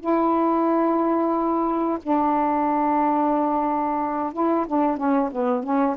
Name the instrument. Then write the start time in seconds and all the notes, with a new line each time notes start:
saxophone
0.00 E4
2.02 D4
4.32 E4
4.67 D4
4.97 C#4
5.31 B3
5.63 C#4